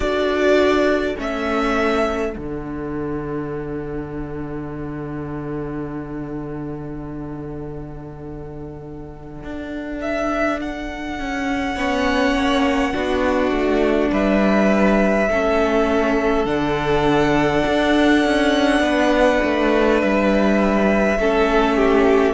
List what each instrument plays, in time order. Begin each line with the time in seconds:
0.00 cello D4, viola F#4, violin A4 D5
1.16 cello A3, viola C#4, violin E5
2.33 cello D3, viola D4, violin F#5
9.43 cello D4
10.01 violin E5
10.61 violin F#5
11.19 cello C#4
11.75 cello B3, viola C#4, violin C#5
12.35 cello A#3
12.93 cello B3, viola D4, violin F#4
13.51 cello A3
14.11 cello G3, violin B4 E5
15.28 cello A3, viola C#4, violin A4
16.45 cello D3, viola D4, violin F#5
17.65 cello D4
18.25 cello C#4
18.79 cello B3, violin B4
19.43 cello A3
20.01 cello G3, violin E5
21.17 cello A3, viola C#4, violin A4
21.76 violin G4